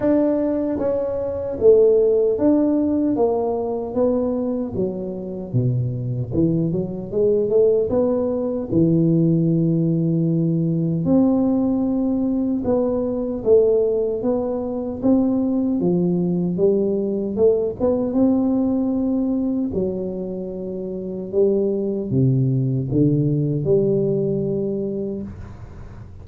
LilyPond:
\new Staff \with { instrumentName = "tuba" } { \time 4/4 \tempo 4 = 76 d'4 cis'4 a4 d'4 | ais4 b4 fis4 b,4 | e8 fis8 gis8 a8 b4 e4~ | e2 c'2 |
b4 a4 b4 c'4 | f4 g4 a8 b8 c'4~ | c'4 fis2 g4 | c4 d4 g2 | }